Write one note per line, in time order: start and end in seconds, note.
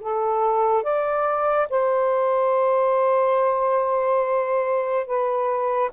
0.00 0.83 A4
0.83 1.67 D5
1.69 5.06 C5
5.06 5.91 B4